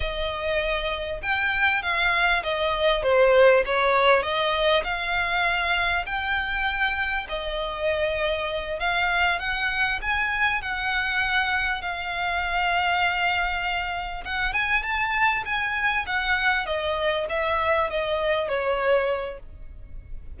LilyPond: \new Staff \with { instrumentName = "violin" } { \time 4/4 \tempo 4 = 99 dis''2 g''4 f''4 | dis''4 c''4 cis''4 dis''4 | f''2 g''2 | dis''2~ dis''8 f''4 fis''8~ |
fis''8 gis''4 fis''2 f''8~ | f''2.~ f''8 fis''8 | gis''8 a''4 gis''4 fis''4 dis''8~ | dis''8 e''4 dis''4 cis''4. | }